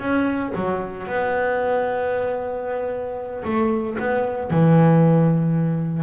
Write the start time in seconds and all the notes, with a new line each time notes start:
0.00 C#4
0.55 F#3
1.07 B3
3.44 A3
4.00 B3
4.50 E3